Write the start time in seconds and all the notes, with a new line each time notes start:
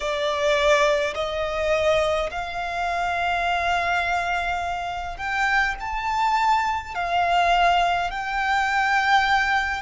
0.00 D5
1.14 D#5
2.31 F5
5.17 G5
5.80 A5
6.94 F5
8.10 G5